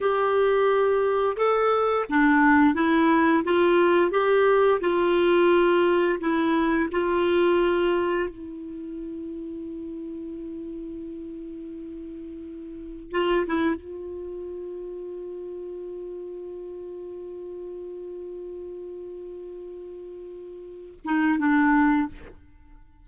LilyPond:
\new Staff \with { instrumentName = "clarinet" } { \time 4/4 \tempo 4 = 87 g'2 a'4 d'4 | e'4 f'4 g'4 f'4~ | f'4 e'4 f'2 | e'1~ |
e'2. f'8 e'8 | f'1~ | f'1~ | f'2~ f'8 dis'8 d'4 | }